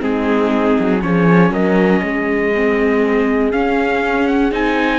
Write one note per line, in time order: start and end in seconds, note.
0.00 0.78 G#3
0.00 1.00 C4
0.00 1.01 D#4
0.00 1.02 G#4
0.80 1.03 F#3
1.02 1.51 F3
1.02 2.52 C#4
1.02 1.52 G#4
1.02 1.52 C#5
1.51 2.01 F#3
1.51 2.02 A#4
1.51 3.52 D#5
2.03 3.53 G#3
2.03 4.99 G#4
2.55 3.53 C4
3.52 4.52 C#4
3.52 4.27 F5
4.27 4.52 F#5
4.52 4.99 C4
4.52 4.99 D#4
4.52 4.99 G#5